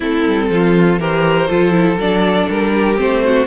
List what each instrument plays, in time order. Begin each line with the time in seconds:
0.00 cello A3, viola C4, violin E4 A4
0.26 cello G3
0.49 cello F3, violin F4
0.99 cello E3, viola G4, violin A#4 C5
1.48 cello F3, viola F4, violin A4
1.71 viola E4
1.96 cello F#3, viola D4, violin D5
2.49 cello G3, violin A#4
2.73 violin G4
2.96 cello A3, viola C4, violin C5
3.23 violin F#4